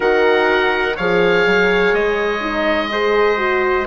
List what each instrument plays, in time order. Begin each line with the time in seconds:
0.00 bassoon D#3, horn F#4, trumpet A#4, oboe F#5
0.95 bassoon F3, horn G#4, trumpet C#5, oboe F5
1.46 bassoon F#3
1.93 bassoon G#3, oboe D#5
2.41 horn D#4
2.91 horn G#4, trumpet C5
3.37 horn F#4